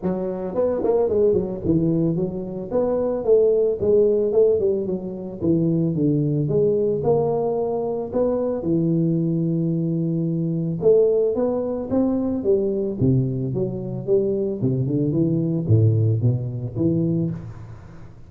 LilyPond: \new Staff \with { instrumentName = "tuba" } { \time 4/4 \tempo 4 = 111 fis4 b8 ais8 gis8 fis8 e4 | fis4 b4 a4 gis4 | a8 g8 fis4 e4 d4 | gis4 ais2 b4 |
e1 | a4 b4 c'4 g4 | c4 fis4 g4 c8 d8 | e4 a,4 b,4 e4 | }